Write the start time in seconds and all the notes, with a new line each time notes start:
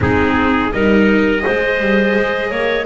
0.00 G#3 C4 D#4 G#4
0.72 G3 D#4 A#4 D#5
1.40 G#4 C5
1.47 G#3
1.80 G3
2.16 G#3
2.50 A#3 C#5